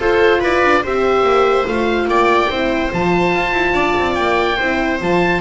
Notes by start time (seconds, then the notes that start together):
0.00 F4 A4 C5
0.40 E4 B4 D5
0.64 D4
0.83 C4 G4 C5 E5
1.23 A#3
1.67 A3 F4 F5
2.06 A#3 D5 G5
2.50 C4 E4 C5
2.92 F3 F4 A5
3.35 F4
3.53 E4
3.73 D4 D5
3.99 C4
4.15 A#3 G5
4.57 C4 E4 C5
5.01 F3 F4 A5